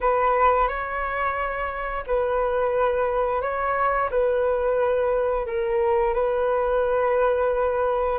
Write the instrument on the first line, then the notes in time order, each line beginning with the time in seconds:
flute
0.00 B4
0.68 C#5
2.06 B4
3.41 C#5
4.10 B4
5.46 A#4
6.14 B4